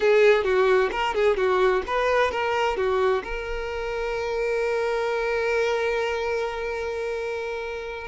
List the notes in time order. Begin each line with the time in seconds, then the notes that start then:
0.00 G#4
0.43 F#4
0.91 A#4
1.14 G#4
1.36 F#4
1.87 B4
2.31 A#4
2.76 F#4
3.23 A#4